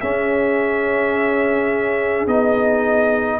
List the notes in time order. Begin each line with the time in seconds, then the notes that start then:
0.00 C#4 G#4 E5
2.27 B3 D#4 D#5